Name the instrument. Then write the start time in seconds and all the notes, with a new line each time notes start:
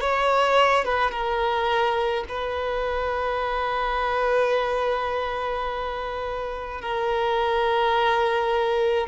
violin
0.00 C#5
0.84 B4
1.11 A#4
2.28 B4
6.81 A#4